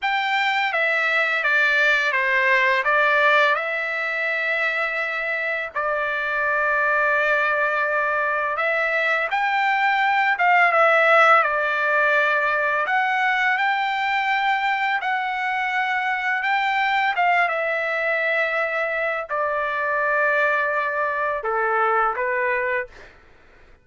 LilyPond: \new Staff \with { instrumentName = "trumpet" } { \time 4/4 \tempo 4 = 84 g''4 e''4 d''4 c''4 | d''4 e''2. | d''1 | e''4 g''4. f''8 e''4 |
d''2 fis''4 g''4~ | g''4 fis''2 g''4 | f''8 e''2~ e''8 d''4~ | d''2 a'4 b'4 | }